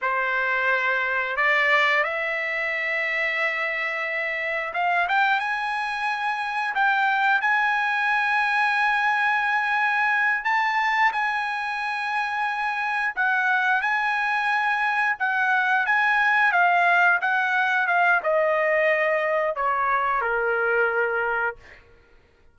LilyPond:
\new Staff \with { instrumentName = "trumpet" } { \time 4/4 \tempo 4 = 89 c''2 d''4 e''4~ | e''2. f''8 g''8 | gis''2 g''4 gis''4~ | gis''2.~ gis''8 a''8~ |
a''8 gis''2. fis''8~ | fis''8 gis''2 fis''4 gis''8~ | gis''8 f''4 fis''4 f''8 dis''4~ | dis''4 cis''4 ais'2 | }